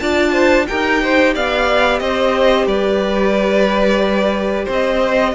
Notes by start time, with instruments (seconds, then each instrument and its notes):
0.00 cello D4, viola F4, violin D5 A5
0.33 violin C5
0.68 cello D#4, viola G4, violin A#4 G5
1.03 violin C5
1.35 cello B3, violin D5 F5
1.99 cello C4, violin C5 D#5
2.67 cello G3, violin B4 D5
4.65 cello C4, violin C5
4.72 violin D#5